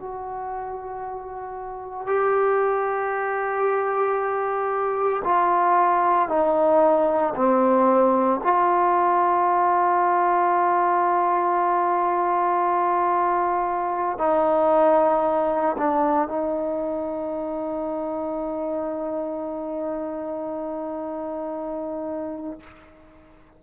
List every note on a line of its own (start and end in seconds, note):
0.00 2.07 F#4
2.07 5.23 G4
5.25 6.29 F4
6.29 7.34 D#4
7.36 8.41 C4
8.44 14.19 F4
14.19 15.77 D#4
15.78 16.29 D4
16.29 22.60 D#4